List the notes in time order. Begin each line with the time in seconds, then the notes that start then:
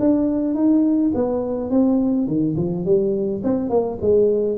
0.00 D4
0.55 D#4
1.15 B3
1.71 C4
2.28 D#3
2.57 F3
2.85 G3
3.44 C4
3.70 A#3
4.02 G#3